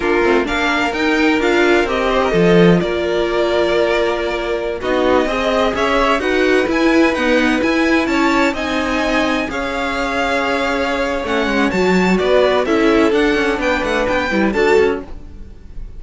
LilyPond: <<
  \new Staff \with { instrumentName = "violin" } { \time 4/4 \tempo 4 = 128 ais'4 f''4 g''4 f''4 | dis''2 d''2~ | d''2~ d''16 dis''4.~ dis''16~ | dis''16 e''4 fis''4 gis''4 fis''8.~ |
fis''16 gis''4 a''4 gis''4.~ gis''16~ | gis''16 f''2.~ f''8. | fis''4 a''4 d''4 e''4 | fis''4 g''8 fis''8 g''4 a''4 | }
  \new Staff \with { instrumentName = "violin" } { \time 4/4 f'4 ais'2.~ | ais'8 c''16 ais'16 a'4 ais'2~ | ais'2~ ais'16 fis'4 dis''8.~ | dis''16 cis''4 b'2~ b'8.~ |
b'4~ b'16 cis''4 dis''4.~ dis''16~ | dis''16 cis''2.~ cis''8.~ | cis''2 b'4 a'4~ | a'4 b'2 a'4 | }
  \new Staff \with { instrumentName = "viola" } { \time 4/4 d'8 c'8 d'4 dis'4 f'4 | g'4 f'2.~ | f'2~ f'16 dis'4 gis'8.~ | gis'4~ gis'16 fis'4 e'4 b8.~ |
b16 e'2 dis'4.~ dis'16~ | dis'16 gis'2.~ gis'8. | cis'4 fis'2 e'4 | d'2~ d'8 e'8 fis'4 | }
  \new Staff \with { instrumentName = "cello" } { \time 4/4 ais8 a8 ais4 dis'4 d'4 | c'4 f4 ais2~ | ais2~ ais16 b4 c'8.~ | c'16 cis'4 dis'4 e'4 dis'8.~ |
dis'16 e'4 cis'4 c'4.~ c'16~ | c'16 cis'2.~ cis'8. | a8 gis8 fis4 b4 cis'4 | d'8 cis'8 b8 a8 b8 g8 d'8 cis'8 | }
>>